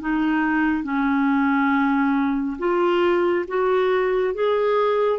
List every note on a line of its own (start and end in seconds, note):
0.00 0.83 D#4
0.83 2.57 C#4
2.58 3.45 F4
3.47 4.34 F#4
4.34 5.19 G#4